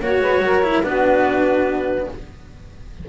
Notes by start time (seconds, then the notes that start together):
0.00 A#3 F#4 C#5
0.20 G#3 B4
0.39 F#3 A#4
0.63 E4
0.83 B3 D4 F#4 B4